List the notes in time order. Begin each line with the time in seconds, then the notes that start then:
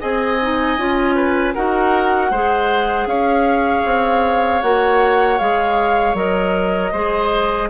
0.00 C4 G#4 D#5 G#5
0.42 D#4
0.78 C#4 F4
1.16 B4
1.54 D#4 F#4 A#4 F#5
2.31 G#3 G#4 C5
3.06 C#4 C#5 F5
3.85 C4
4.62 A#3 F#4 F#5
5.39 G#3 G#4 F5
6.14 F#3 A#4 D#5
6.92 G#3 G#4 C5